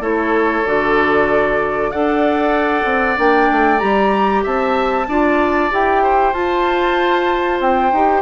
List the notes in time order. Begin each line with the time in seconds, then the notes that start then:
0.00 A3 E4 A4 C#5
0.65 D3 F#4 D5
1.91 D4 A4 D5 F#5
2.84 C4
3.17 A#3 D4 G5
3.51 A3
3.79 G3 G4 A#5
4.43 C4 E5 A5
5.07 D4 F4 D5
5.70 E4 G4 G5
6.02 C5
6.33 F4 A5
7.59 C4 G5
7.92 D#4 G4